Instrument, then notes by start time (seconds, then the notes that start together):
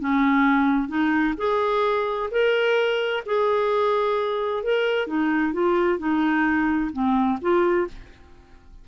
clarinet
0.00 C#4
0.89 D#4
1.38 G#4
2.31 A#4
3.26 G#4
4.64 A#4
5.07 D#4
5.53 F4
5.99 D#4
6.93 C4
7.42 F4